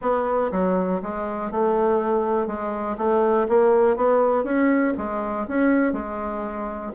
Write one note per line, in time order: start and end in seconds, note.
0.01 0.51 B3
0.51 1.01 F#3
1.02 1.51 G#3
1.51 2.47 A3
2.47 2.96 G#3
2.97 3.47 A3
3.48 3.96 A#3
3.96 4.44 B3
4.44 4.93 C#4
4.97 5.47 G#3
5.48 5.93 C#4
5.93 6.92 G#3